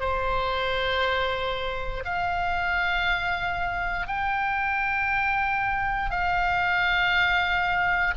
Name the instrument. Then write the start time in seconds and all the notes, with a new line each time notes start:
oboe
0.00 C5
2.05 F5
4.07 G5
6.11 F5